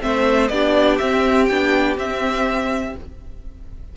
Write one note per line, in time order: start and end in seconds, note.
0.00 0.49 A3
0.00 0.49 C4
0.00 0.51 C5
0.00 0.47 E5
0.47 0.98 B3
0.47 1.00 D4
0.47 2.95 G4
0.47 0.96 D5
0.98 1.49 C4
0.98 1.50 C4
0.98 1.45 E5
1.45 1.97 B3
1.45 1.97 D4
1.45 1.94 G5
1.97 2.94 C4
1.97 2.95 C4
1.97 2.96 E5